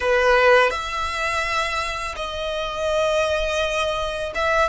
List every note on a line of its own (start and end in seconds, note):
0.00 0.70 B4
0.70 2.15 E5
2.16 4.32 D#5
4.34 4.68 E5